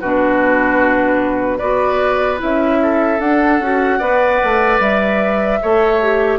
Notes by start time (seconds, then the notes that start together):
0.00 B2 D4 F#4 B4
1.57 B3 F#4 B4 D5
2.37 C#4 E4 E5
2.82 A4
3.19 D4 F#5
3.59 C#4 F#4
3.98 B3 B4 D5
4.43 A3
4.79 G3 E5
5.62 A3 A4 C#5
6.02 G4